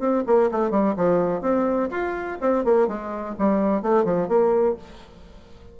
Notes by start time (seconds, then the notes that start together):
0.00 C4
0.27 A#3
0.52 A3
0.71 G3
0.97 F3
1.42 C4
1.91 F4
2.42 C4
2.65 A#3
2.89 G#3
3.39 G3
3.83 A3
4.05 F3
4.29 A#3